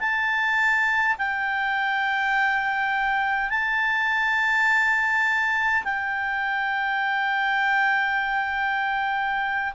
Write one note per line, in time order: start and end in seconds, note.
0.00 1.17 A5
1.18 3.50 G5
3.50 5.84 A5
5.84 9.74 G5